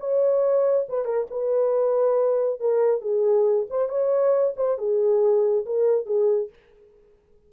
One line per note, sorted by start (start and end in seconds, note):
0.00 0.87 C#5
0.89 1.06 B4
1.06 1.27 A#4
1.31 2.60 B4
2.60 3.02 A#4
3.02 3.67 G#4
3.70 3.89 C5
3.89 4.54 C#5
4.57 4.78 C5
4.79 5.66 G#4
5.66 6.07 A#4
6.07 6.50 G#4